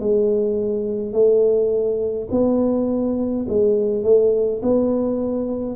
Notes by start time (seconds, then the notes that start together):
0.00 G#3
1.13 A3
2.31 B3
3.49 G#3
4.04 A3
4.63 B3